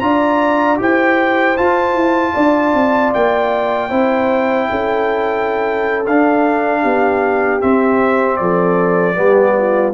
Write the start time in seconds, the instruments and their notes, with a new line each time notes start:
0.00 tuba D4, trombone F4, horn D5, trumpet A#5
0.77 tuba E4, trombone G4, horn C5, trumpet G5
1.57 trombone F4, tuba F4, trumpet A5
1.94 tuba E4
2.34 tuba D4, horn D5
2.74 tuba C4
3.14 tuba A#3, trumpet G5
3.89 tuba C4, trombone E4, horn C5
4.70 tuba C#4, horn A4
6.07 tuba D4, trombone D4, trumpet F5
6.82 tuba B3, horn G4
7.60 trombone C4, tuba C4, trumpet E5
8.37 tuba F3, horn A4, trumpet D5
9.15 tuba G3, trombone B3, horn G4
9.58 horn F4